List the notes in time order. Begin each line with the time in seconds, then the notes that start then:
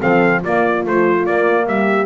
0.00 F3 C4 A4 F5
0.43 A#3 F4 D5
0.86 F3 A3 C5
1.26 A#3 D5
1.67 G3 G4 E5